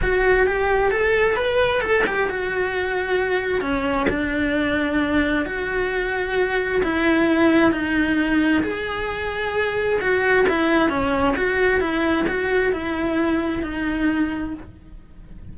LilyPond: \new Staff \with { instrumentName = "cello" } { \time 4/4 \tempo 4 = 132 fis'4 g'4 a'4 b'4 | a'8 g'8 fis'2. | cis'4 d'2. | fis'2. e'4~ |
e'4 dis'2 gis'4~ | gis'2 fis'4 e'4 | cis'4 fis'4 e'4 fis'4 | e'2 dis'2 | }